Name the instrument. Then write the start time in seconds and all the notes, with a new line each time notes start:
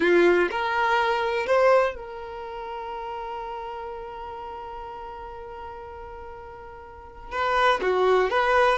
violin
0.00 F4
0.50 A#4
1.46 C5
1.95 A#4
7.31 B4
7.81 F#4
8.29 B4